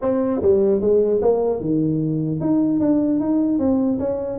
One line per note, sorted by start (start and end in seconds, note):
0.01 0.41 C4
0.41 0.81 G3
0.81 1.21 G#3
1.21 1.60 A#3
1.60 2.40 D#3
2.40 2.79 D#4
2.79 3.19 D4
3.20 3.59 D#4
3.59 3.99 C4
3.99 4.39 C#4